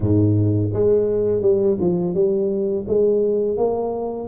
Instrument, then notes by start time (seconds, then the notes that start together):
tuba
0.00 G#2
0.73 G#3
1.41 G3
1.80 F3
2.14 G3
2.87 G#3
3.57 A#3